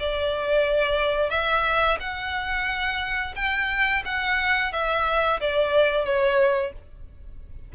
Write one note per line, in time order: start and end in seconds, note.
0.00 1.31 D5
1.31 1.98 E5
2.00 3.35 F#5
3.36 4.04 G5
4.06 4.73 F#5
4.73 5.41 E5
5.41 6.06 D5
6.06 6.73 C#5